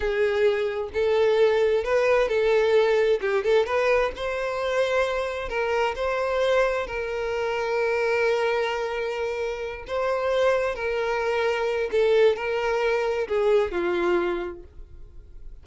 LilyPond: \new Staff \with { instrumentName = "violin" } { \time 4/4 \tempo 4 = 131 gis'2 a'2 | b'4 a'2 g'8 a'8 | b'4 c''2. | ais'4 c''2 ais'4~ |
ais'1~ | ais'4. c''2 ais'8~ | ais'2 a'4 ais'4~ | ais'4 gis'4 f'2 | }